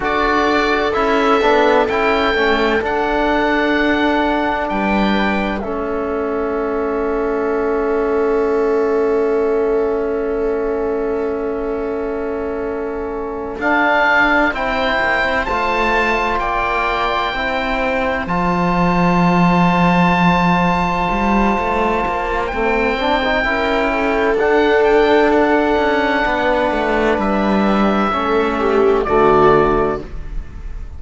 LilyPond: <<
  \new Staff \with { instrumentName = "oboe" } { \time 4/4 \tempo 4 = 64 d''4 e''4 g''4 fis''4~ | fis''4 g''4 e''2~ | e''1~ | e''2~ e''8 f''4 g''8~ |
g''8 a''4 g''2 a''8~ | a''1 | g''2 fis''8 g''8 fis''4~ | fis''4 e''2 d''4 | }
  \new Staff \with { instrumentName = "viola" } { \time 4/4 a'1~ | a'4 b'4 a'2~ | a'1~ | a'2.~ a'8 c''8~ |
c''4. d''4 c''4.~ | c''1~ | c''4 ais'8 a'2~ a'8 | b'2 a'8 g'8 fis'4 | }
  \new Staff \with { instrumentName = "trombone" } { \time 4/4 fis'4 e'8 d'8 e'8 cis'8 d'4~ | d'2 cis'2~ | cis'1~ | cis'2~ cis'8 d'4 e'8~ |
e'8 f'2 e'4 f'8~ | f'1 | a8 d'16 dis'16 e'4 d'2~ | d'2 cis'4 a4 | }
  \new Staff \with { instrumentName = "cello" } { \time 4/4 d'4 cis'8 b8 cis'8 a8 d'4~ | d'4 g4 a2~ | a1~ | a2~ a8 d'4 c'8 |
ais16 c'16 a4 ais4 c'4 f8~ | f2~ f8 g8 a8 ais8 | c'4 cis'4 d'4. cis'8 | b8 a8 g4 a4 d4 | }
>>